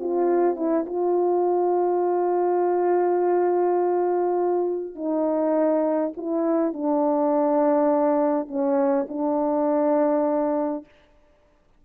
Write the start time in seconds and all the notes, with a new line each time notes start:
0.00 F4
0.56 E4
0.87 F4
4.95 D#4
6.17 E4
6.73 D4
8.48 C#4
9.09 D4